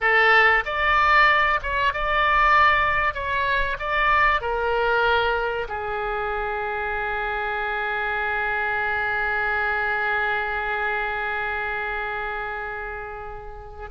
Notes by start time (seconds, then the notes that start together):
0.00 A4
0.65 D5
1.62 C#5
1.93 D5
3.14 C#5
3.79 D5
4.41 A#4
5.68 G#4